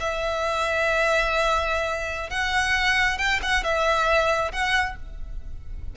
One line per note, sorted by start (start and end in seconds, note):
0.00 2.30 E5
2.30 3.18 F#5
3.18 3.40 G5
3.42 3.64 F#5
3.64 4.52 E5
4.52 4.96 F#5